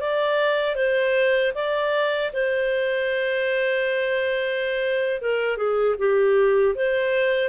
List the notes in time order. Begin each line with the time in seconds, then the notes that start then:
0.00 D5
0.76 C5
1.55 D5
2.33 C5
5.22 A#4
5.57 G#4
5.99 G4
6.75 C5